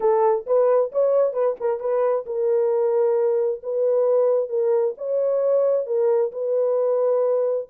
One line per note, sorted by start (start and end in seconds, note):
0.00 0.45 A4
0.46 0.91 B4
0.91 1.33 C#5
1.33 1.55 B4
1.60 1.80 A#4
1.80 2.25 B4
2.26 3.61 A#4
3.62 4.49 B4
4.49 4.94 A#4
4.97 5.86 C#5
5.86 6.31 A#4
6.32 7.67 B4